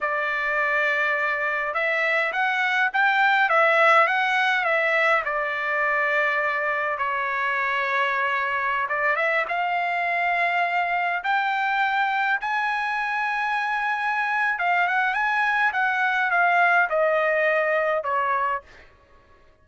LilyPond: \new Staff \with { instrumentName = "trumpet" } { \time 4/4 \tempo 4 = 103 d''2. e''4 | fis''4 g''4 e''4 fis''4 | e''4 d''2. | cis''2.~ cis''16 d''8 e''16~ |
e''16 f''2. g''8.~ | g''4~ g''16 gis''2~ gis''8.~ | gis''4 f''8 fis''8 gis''4 fis''4 | f''4 dis''2 cis''4 | }